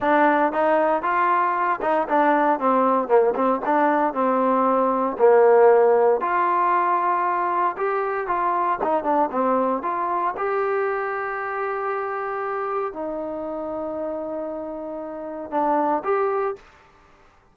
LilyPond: \new Staff \with { instrumentName = "trombone" } { \time 4/4 \tempo 4 = 116 d'4 dis'4 f'4. dis'8 | d'4 c'4 ais8 c'8 d'4 | c'2 ais2 | f'2. g'4 |
f'4 dis'8 d'8 c'4 f'4 | g'1~ | g'4 dis'2.~ | dis'2 d'4 g'4 | }